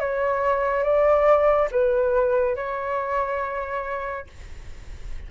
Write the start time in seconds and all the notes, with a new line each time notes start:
0.00 C#5
0.83 D5
1.71 B4
2.55 C#5